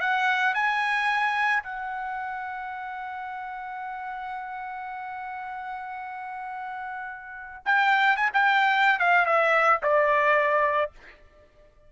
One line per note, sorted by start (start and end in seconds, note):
0.00 0.54 F#5
0.54 1.63 G#5
1.63 7.63 F#5
7.65 8.16 G5
8.16 8.30 G#5
8.33 8.99 G5
8.99 9.26 F5
9.26 9.80 E5
9.82 10.91 D5